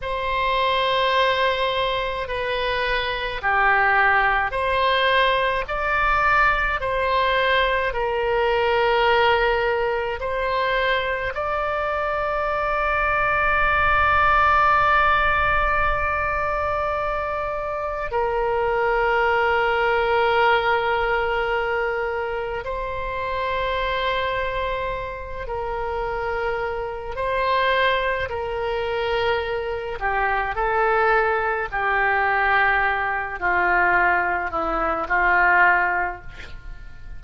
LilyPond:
\new Staff \with { instrumentName = "oboe" } { \time 4/4 \tempo 4 = 53 c''2 b'4 g'4 | c''4 d''4 c''4 ais'4~ | ais'4 c''4 d''2~ | d''1 |
ais'1 | c''2~ c''8 ais'4. | c''4 ais'4. g'8 a'4 | g'4. f'4 e'8 f'4 | }